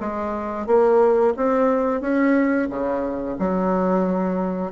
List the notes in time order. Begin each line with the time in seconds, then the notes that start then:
0.00 G#3
0.66 A#3
1.36 C4
2.01 C#4
2.70 C#3
3.39 F#3